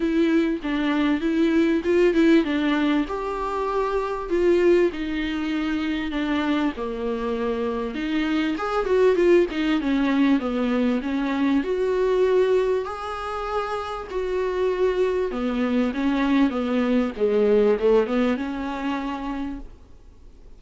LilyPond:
\new Staff \with { instrumentName = "viola" } { \time 4/4 \tempo 4 = 98 e'4 d'4 e'4 f'8 e'8 | d'4 g'2 f'4 | dis'2 d'4 ais4~ | ais4 dis'4 gis'8 fis'8 f'8 dis'8 |
cis'4 b4 cis'4 fis'4~ | fis'4 gis'2 fis'4~ | fis'4 b4 cis'4 b4 | gis4 a8 b8 cis'2 | }